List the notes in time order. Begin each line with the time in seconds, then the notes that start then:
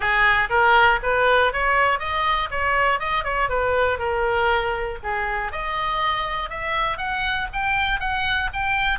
0.00 G#4
0.49 A#4
1.02 B4
1.52 C#5
1.99 D#5
2.50 C#5
2.99 D#5
3.24 C#5
3.49 B4
3.98 A#4
5.03 G#4
5.51 D#5
6.49 E5
6.97 F#5
7.52 G5
8.00 F#5
8.53 G5